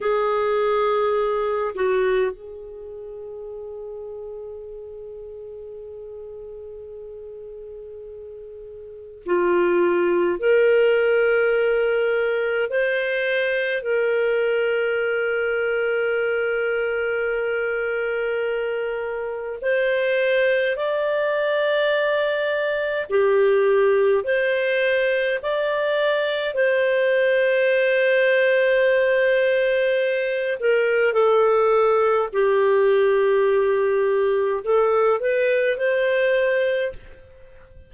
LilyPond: \new Staff \with { instrumentName = "clarinet" } { \time 4/4 \tempo 4 = 52 gis'4. fis'8 gis'2~ | gis'1 | f'4 ais'2 c''4 | ais'1~ |
ais'4 c''4 d''2 | g'4 c''4 d''4 c''4~ | c''2~ c''8 ais'8 a'4 | g'2 a'8 b'8 c''4 | }